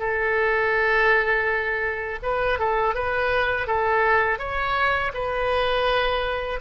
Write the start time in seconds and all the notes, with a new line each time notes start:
0.00 A4
2.24 B4
2.60 A4
2.95 B4
3.68 A4
4.39 C#5
5.14 B4